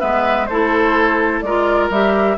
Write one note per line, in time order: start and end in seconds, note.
0.00 0.50 G#3
0.00 0.47 B3
0.00 0.48 B4
0.00 0.46 E5
0.46 1.42 A3
0.46 1.46 E4
0.46 1.44 A4
0.46 1.41 C5
1.41 1.89 G#3
1.41 1.92 F4
1.41 2.38 A#4
1.41 1.89 D5
1.90 2.37 G3
1.90 2.38 G4
1.90 2.38 E5